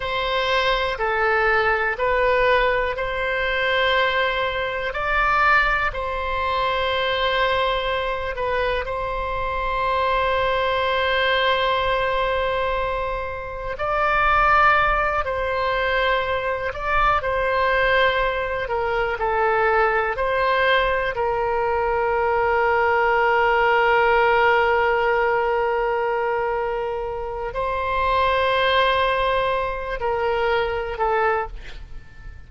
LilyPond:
\new Staff \with { instrumentName = "oboe" } { \time 4/4 \tempo 4 = 61 c''4 a'4 b'4 c''4~ | c''4 d''4 c''2~ | c''8 b'8 c''2.~ | c''2 d''4. c''8~ |
c''4 d''8 c''4. ais'8 a'8~ | a'8 c''4 ais'2~ ais'8~ | ais'1 | c''2~ c''8 ais'4 a'8 | }